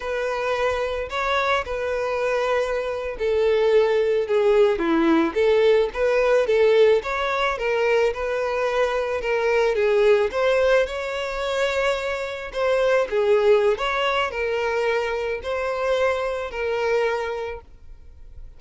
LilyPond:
\new Staff \with { instrumentName = "violin" } { \time 4/4 \tempo 4 = 109 b'2 cis''4 b'4~ | b'4.~ b'16 a'2 gis'16~ | gis'8. e'4 a'4 b'4 a'16~ | a'8. cis''4 ais'4 b'4~ b'16~ |
b'8. ais'4 gis'4 c''4 cis''16~ | cis''2~ cis''8. c''4 gis'16~ | gis'4 cis''4 ais'2 | c''2 ais'2 | }